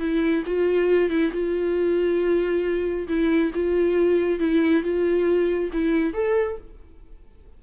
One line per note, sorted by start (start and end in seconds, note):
0.00 0.44 E4
0.47 1.10 F4
1.10 1.32 E4
1.33 3.08 F4
3.08 3.52 E4
3.55 4.40 F4
4.40 4.83 E4
4.83 5.71 F4
5.73 6.14 E4
6.14 6.58 A4